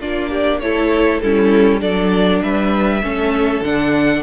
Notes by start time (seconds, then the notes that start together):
0.00 A#3 D4 F4 D5
0.30 G4
0.60 A3 E4 A4 C#5
1.20 G3 C#4 E4 A4
1.80 F#3 D4 A4 D5
2.42 G3 B4 E5
3.02 A3 C#4 A4
3.60 D3 D4 F#5